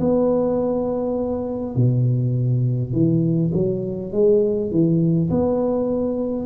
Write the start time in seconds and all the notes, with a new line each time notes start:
0.00 B3
1.76 B2
2.93 E3
3.54 F#3
4.12 G#3
4.71 E3
5.31 B3